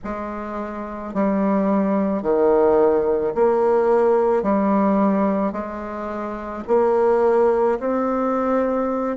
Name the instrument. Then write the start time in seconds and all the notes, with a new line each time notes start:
bassoon
0.04 G#3
1.14 G3
2.22 D#3
3.34 A#3
4.42 G3
5.52 G#3
6.67 A#3
7.79 C4